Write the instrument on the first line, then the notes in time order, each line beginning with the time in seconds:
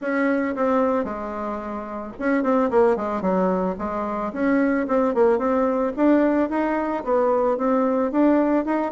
bassoon
0.01 C#4
0.55 C4
1.04 G#3
2.19 C#4
2.43 C4
2.70 A#3
2.96 G#3
3.21 F#3
3.78 G#3
4.32 C#4
4.87 C4
5.14 A#3
5.38 C4
5.96 D4
6.49 D#4
7.03 B3
7.57 C4
8.11 D4
8.65 D#4